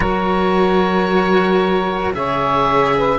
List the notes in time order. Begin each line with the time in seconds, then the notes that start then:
0.00 F#3 F#4 A#4 C#5
2.14 C#3 G#4 C#5 E5
2.97 B4